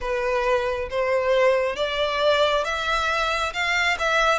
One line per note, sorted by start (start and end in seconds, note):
0.00 0.89 B4
0.89 1.76 C5
1.76 2.64 D5
2.64 3.52 E5
3.53 3.97 F5
3.99 4.38 E5